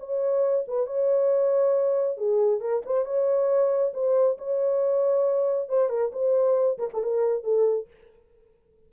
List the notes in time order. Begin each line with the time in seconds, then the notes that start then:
0.00 C#5
0.68 B4
0.87 C#5
2.18 G#4
2.61 A#4
2.86 C5
3.06 C#5
3.94 C5
4.38 C#5
5.69 C5
5.90 A#4
6.13 C5
6.79 A#4
6.94 A4
7.04 A#4
7.44 A4